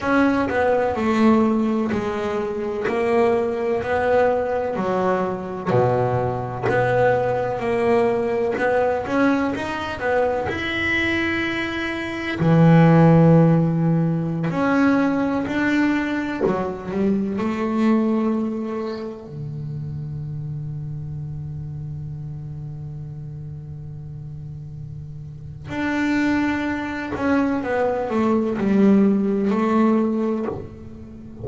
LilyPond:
\new Staff \with { instrumentName = "double bass" } { \time 4/4 \tempo 4 = 63 cis'8 b8 a4 gis4 ais4 | b4 fis4 b,4 b4 | ais4 b8 cis'8 dis'8 b8 e'4~ | e'4 e2~ e16 cis'8.~ |
cis'16 d'4 fis8 g8 a4.~ a16~ | a16 d2.~ d8.~ | d2. d'4~ | d'8 cis'8 b8 a8 g4 a4 | }